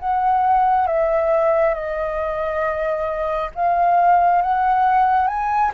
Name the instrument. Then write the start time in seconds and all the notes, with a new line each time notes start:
flute
0.00 F#5
0.88 E5
1.75 D#5
3.56 F5
4.42 F#5
5.28 G#5